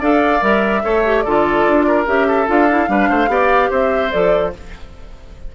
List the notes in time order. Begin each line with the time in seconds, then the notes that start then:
0.00 D4 A4 D5 F5
0.40 G3 A#4 E5
0.82 A3 A4 C#5
1.05 G4
1.21 D3 F4 A4 D5
1.67 D4
1.87 A#4
2.06 C#4 G4 E5
2.27 A4
2.47 D4 F4 F5
2.70 E4
2.87 G3 D4 B4
3.09 A3 C5
3.28 B3 G4 D5
3.70 C4 C5 E5
4.11 F3 A4 D5